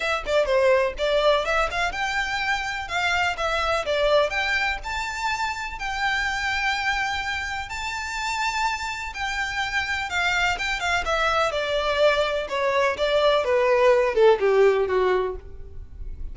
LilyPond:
\new Staff \with { instrumentName = "violin" } { \time 4/4 \tempo 4 = 125 e''8 d''8 c''4 d''4 e''8 f''8 | g''2 f''4 e''4 | d''4 g''4 a''2 | g''1 |
a''2. g''4~ | g''4 f''4 g''8 f''8 e''4 | d''2 cis''4 d''4 | b'4. a'8 g'4 fis'4 | }